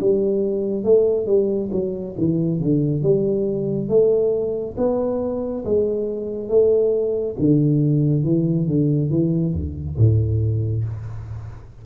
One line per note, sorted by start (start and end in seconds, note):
0.00 0.84 G3
0.84 1.26 A3
1.26 1.70 G3
1.72 2.15 F#3
2.17 2.60 E3
2.60 3.02 D3
3.02 3.89 G3
3.89 4.76 A3
4.77 5.64 B3
5.65 6.49 G#3
6.49 7.36 A3
7.39 8.24 D3
8.24 8.67 E3
8.67 9.10 D3
9.10 9.54 E3
9.54 9.97 D2
9.98 10.85 A2